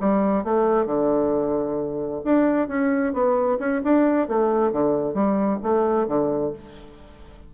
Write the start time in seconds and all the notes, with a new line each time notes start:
0.00 G3
0.44 A3
0.86 D3
2.25 D4
2.68 C#4
3.13 B3
3.59 C#4
3.84 D4
4.28 A3
4.72 D3
5.14 G3
5.63 A3
6.08 D3